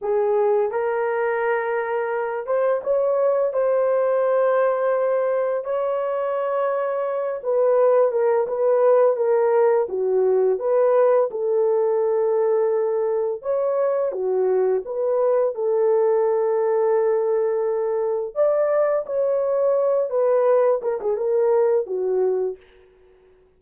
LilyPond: \new Staff \with { instrumentName = "horn" } { \time 4/4 \tempo 4 = 85 gis'4 ais'2~ ais'8 c''8 | cis''4 c''2. | cis''2~ cis''8 b'4 ais'8 | b'4 ais'4 fis'4 b'4 |
a'2. cis''4 | fis'4 b'4 a'2~ | a'2 d''4 cis''4~ | cis''8 b'4 ais'16 gis'16 ais'4 fis'4 | }